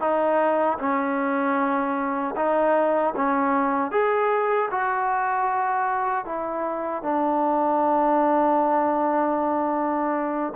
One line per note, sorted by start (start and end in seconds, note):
0.00 0.78 D#4
0.79 2.35 C#4
2.36 3.14 D#4
3.16 3.91 C#4
3.91 4.69 G#4
4.71 6.25 F#4
6.25 7.03 E4
7.03 10.53 D4